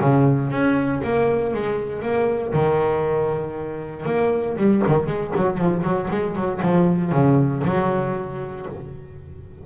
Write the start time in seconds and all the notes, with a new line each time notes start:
0.00 C#3
0.50 C#4
1.03 A#3
1.53 G#3
2.02 A#3
2.53 D#3
4.05 A#3
4.56 G3
4.87 D#3
5.06 G#3
5.36 F#3
5.57 F3
5.83 F#3
6.10 G#3
6.35 F#3
6.61 F3
7.11 C#3
7.64 F#3